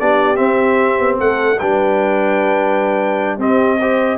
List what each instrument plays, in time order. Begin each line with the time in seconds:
0.00 tuba B3, trombone D4, horn G4, trumpet D5
0.36 trombone C4, tuba C4, trumpet E5
0.99 tuba B3
1.20 tuba A3, horn A4, trumpet F#5
1.59 tuba G3, trombone D4, horn B4, trumpet G5
3.39 tuba C4, trombone C4, horn G4, trumpet D#5
3.80 trombone G4, horn C5